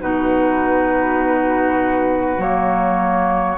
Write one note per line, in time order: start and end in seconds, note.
0.00 2.37 B2
0.00 2.39 D#4
0.00 3.57 F#4
0.00 2.41 B4
2.37 3.57 F#3
2.37 3.57 A#3
2.37 3.57 C#5